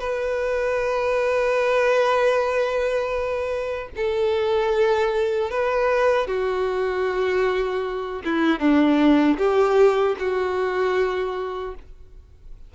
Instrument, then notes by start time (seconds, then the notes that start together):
violin
0.00 B4
3.96 A4
5.51 B4
6.27 F#4
8.25 E4
8.60 D4
9.38 G4
10.19 F#4